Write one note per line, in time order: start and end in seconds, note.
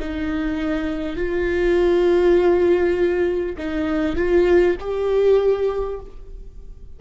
0.00 1.17 D#4
1.17 3.57 F4
3.58 4.17 D#4
4.17 4.77 F4
4.81 6.01 G4